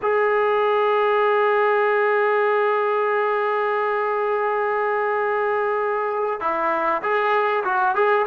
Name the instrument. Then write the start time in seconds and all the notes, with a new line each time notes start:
trombone
0.02 G#4
6.40 E4
7.02 G#4
7.64 F#4
7.95 G#4